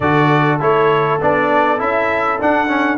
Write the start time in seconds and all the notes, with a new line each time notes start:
0.00 D3 F#4 A4 D5
0.60 A3 E4 C#5
1.20 B3 D4 D5
1.78 C#4 E4 E5
2.40 D4 F#5
2.68 C#4